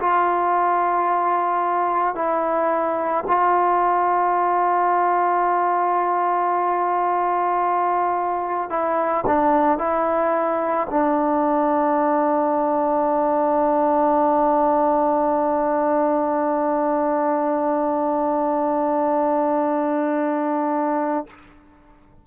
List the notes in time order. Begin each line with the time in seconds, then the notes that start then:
0.00 F4
2.15 E4
3.27 F4
8.70 E4
9.26 D4
9.78 E4
10.90 D4